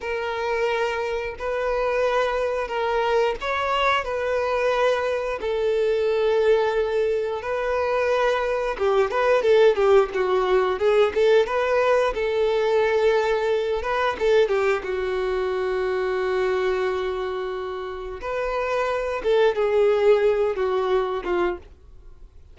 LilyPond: \new Staff \with { instrumentName = "violin" } { \time 4/4 \tempo 4 = 89 ais'2 b'2 | ais'4 cis''4 b'2 | a'2. b'4~ | b'4 g'8 b'8 a'8 g'8 fis'4 |
gis'8 a'8 b'4 a'2~ | a'8 b'8 a'8 g'8 fis'2~ | fis'2. b'4~ | b'8 a'8 gis'4. fis'4 f'8 | }